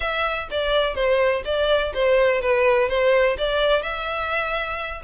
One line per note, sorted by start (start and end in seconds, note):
0.00 0.48 E5
0.50 0.94 D5
0.94 1.42 C5
1.44 1.92 D5
1.94 2.41 C5
2.41 2.88 B4
2.88 3.36 C5
3.38 3.82 D5
3.82 5.02 E5